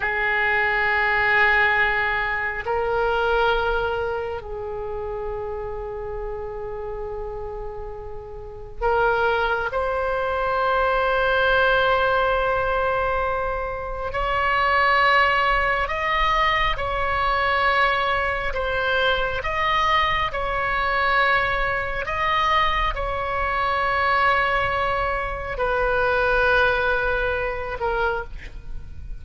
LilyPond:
\new Staff \with { instrumentName = "oboe" } { \time 4/4 \tempo 4 = 68 gis'2. ais'4~ | ais'4 gis'2.~ | gis'2 ais'4 c''4~ | c''1 |
cis''2 dis''4 cis''4~ | cis''4 c''4 dis''4 cis''4~ | cis''4 dis''4 cis''2~ | cis''4 b'2~ b'8 ais'8 | }